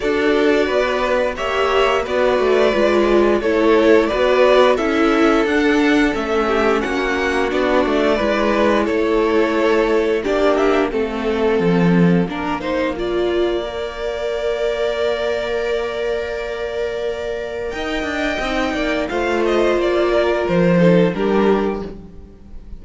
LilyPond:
<<
  \new Staff \with { instrumentName = "violin" } { \time 4/4 \tempo 4 = 88 d''2 e''4 d''4~ | d''4 cis''4 d''4 e''4 | fis''4 e''4 fis''4 d''4~ | d''4 cis''2 d''8 e''8 |
f''1~ | f''1~ | f''2 g''2 | f''8 dis''8 d''4 c''4 ais'4 | }
  \new Staff \with { instrumentName = "violin" } { \time 4/4 a'4 b'4 cis''4 b'4~ | b'4 a'4 b'4 a'4~ | a'4. g'8 fis'2 | b'4 a'2 g'4 |
a'2 ais'8 c''8 d''4~ | d''1~ | d''2 dis''4. d''8 | c''4. ais'4 a'8 g'4 | }
  \new Staff \with { instrumentName = "viola" } { \time 4/4 fis'2 g'4 fis'4 | f'4 e'4 fis'4 e'4 | d'4 cis'2 d'4 | e'2. d'4 |
c'2 d'8 dis'8 f'4 | ais'1~ | ais'2. dis'4 | f'2~ f'8 dis'8 d'4 | }
  \new Staff \with { instrumentName = "cello" } { \time 4/4 d'4 b4 ais4 b8 a8 | gis4 a4 b4 cis'4 | d'4 a4 ais4 b8 a8 | gis4 a2 ais4 |
a4 f4 ais2~ | ais1~ | ais2 dis'8 d'8 c'8 ais8 | a4 ais4 f4 g4 | }
>>